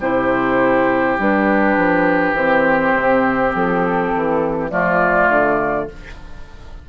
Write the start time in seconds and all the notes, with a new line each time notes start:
0.00 C3 E4 G4 C5
1.19 G3 D4 B4
1.77 F3
2.33 E3 C4 C5
2.95 C3
3.55 F3 A4
4.15 E3
4.70 F3 A3 F4 D5
5.29 D3